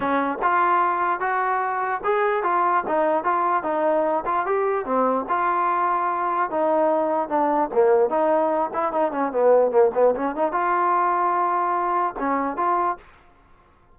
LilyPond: \new Staff \with { instrumentName = "trombone" } { \time 4/4 \tempo 4 = 148 cis'4 f'2 fis'4~ | fis'4 gis'4 f'4 dis'4 | f'4 dis'4. f'8 g'4 | c'4 f'2. |
dis'2 d'4 ais4 | dis'4. e'8 dis'8 cis'8 b4 | ais8 b8 cis'8 dis'8 f'2~ | f'2 cis'4 f'4 | }